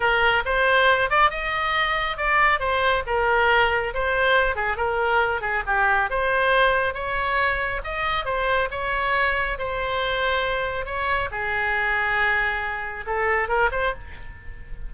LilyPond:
\new Staff \with { instrumentName = "oboe" } { \time 4/4 \tempo 4 = 138 ais'4 c''4. d''8 dis''4~ | dis''4 d''4 c''4 ais'4~ | ais'4 c''4. gis'8 ais'4~ | ais'8 gis'8 g'4 c''2 |
cis''2 dis''4 c''4 | cis''2 c''2~ | c''4 cis''4 gis'2~ | gis'2 a'4 ais'8 c''8 | }